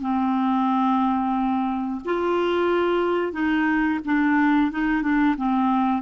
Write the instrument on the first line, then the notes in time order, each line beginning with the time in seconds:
clarinet
0.00 C4
2.05 F4
3.32 D#4
4.05 D4
4.71 D#4
5.02 D4
5.37 C4